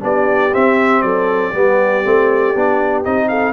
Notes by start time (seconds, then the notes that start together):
0.00 B3 D4 G4 D5
0.53 C4 E5
1.02 F#3 A4 D5
1.51 G3 B3 G4
2.04 A3 C4
2.55 B3 D4
3.05 C4 D#4 D#5
3.29 A4 F5